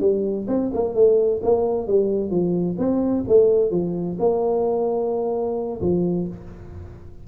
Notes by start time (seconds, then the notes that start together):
0.00 G3
0.47 C4
0.73 A#3
0.94 A3
1.43 A#3
1.87 G3
2.30 F3
2.78 C4
3.28 A3
3.71 F3
4.19 A#3
5.81 F3